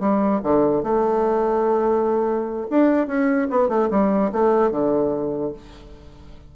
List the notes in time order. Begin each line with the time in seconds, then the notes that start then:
0.00 G3
0.43 D3
0.83 A3
2.70 D4
3.07 C#4
3.50 B3
3.69 A3
3.91 G3
4.32 A3
4.71 D3